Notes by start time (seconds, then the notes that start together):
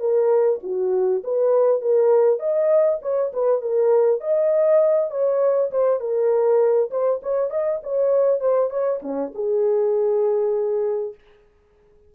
0.00 A#4
0.63 F#4
1.24 B4
1.82 A#4
2.39 D#5
3.02 C#5
3.33 B4
3.62 A#4
4.21 D#5
5.11 C#5
5.71 C5
6.01 A#4
6.91 C5
7.23 C#5
7.50 D#5
7.83 C#5
8.40 C5
8.71 C#5
9.02 C#4
9.35 G#4